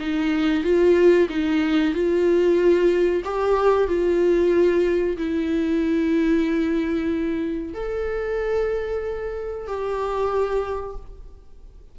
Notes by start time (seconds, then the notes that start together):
0.00 D#4
0.64 F4
1.30 D#4
1.94 F4
3.25 G4
3.88 F4
5.18 E4
7.74 A4
9.67 G4